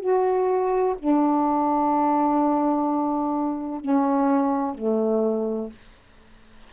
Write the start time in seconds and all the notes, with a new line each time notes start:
0.00 F#4
0.99 D4
3.81 C#4
4.75 A3